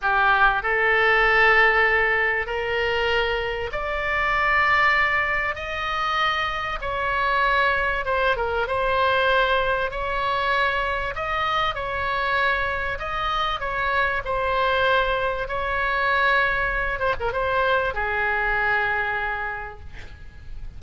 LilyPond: \new Staff \with { instrumentName = "oboe" } { \time 4/4 \tempo 4 = 97 g'4 a'2. | ais'2 d''2~ | d''4 dis''2 cis''4~ | cis''4 c''8 ais'8 c''2 |
cis''2 dis''4 cis''4~ | cis''4 dis''4 cis''4 c''4~ | c''4 cis''2~ cis''8 c''16 ais'16 | c''4 gis'2. | }